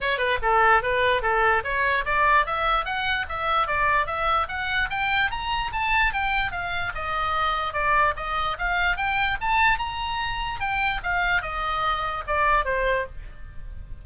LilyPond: \new Staff \with { instrumentName = "oboe" } { \time 4/4 \tempo 4 = 147 cis''8 b'8 a'4 b'4 a'4 | cis''4 d''4 e''4 fis''4 | e''4 d''4 e''4 fis''4 | g''4 ais''4 a''4 g''4 |
f''4 dis''2 d''4 | dis''4 f''4 g''4 a''4 | ais''2 g''4 f''4 | dis''2 d''4 c''4 | }